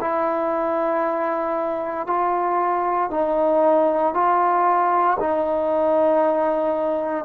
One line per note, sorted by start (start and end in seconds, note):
0.00 2.06 E4
2.06 3.10 F4
3.10 4.14 D#4
4.14 5.17 F4
5.19 7.25 D#4